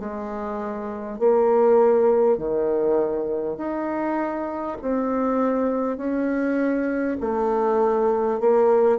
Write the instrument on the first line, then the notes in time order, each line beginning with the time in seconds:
bassoon
0.00 G#3
1.19 A#3
2.38 D#3
3.58 D#4
4.82 C4
5.98 C#4
7.21 A3
8.41 A#3